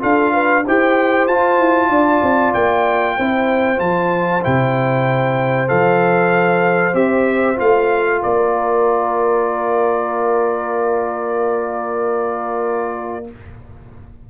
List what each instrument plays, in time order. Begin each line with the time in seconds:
0.00 tuba D4, trombone F4, horn A4, trumpet F5
0.33 horn B4
0.65 tuba E4, trombone G4, horn C5, trumpet G5
1.27 tuba F4, trombone F4, trumpet A5
1.59 tuba E4
1.89 tuba D4, horn D5
2.23 tuba C4
2.54 tuba A#3, trumpet G5
3.16 tuba C4, trombone E4, horn C5
3.77 tuba F3, trombone F4, trumpet A5
4.42 tuba C3, trombone E4, trumpet G5
5.68 tuba F3, trombone A4, trumpet F5
6.94 tuba C4, trombone G4, trumpet E5
7.56 tuba A3, trombone F4, trumpet F5
8.22 tuba A#3, horn A#4, trumpet D5